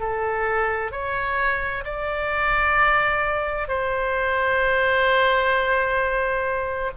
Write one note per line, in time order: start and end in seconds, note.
0.00 0.92 A4
0.92 1.84 C#5
1.85 3.68 D5
3.68 6.91 C5